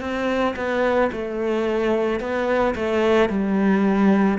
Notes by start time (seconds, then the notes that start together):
0.00 C4
0.56 B3
1.12 A3
2.20 B3
2.75 A3
3.29 G3